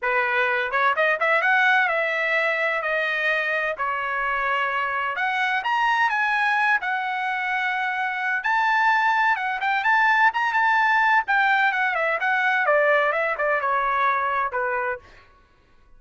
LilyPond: \new Staff \with { instrumentName = "trumpet" } { \time 4/4 \tempo 4 = 128 b'4. cis''8 dis''8 e''8 fis''4 | e''2 dis''2 | cis''2. fis''4 | ais''4 gis''4. fis''4.~ |
fis''2 a''2 | fis''8 g''8 a''4 ais''8 a''4. | g''4 fis''8 e''8 fis''4 d''4 | e''8 d''8 cis''2 b'4 | }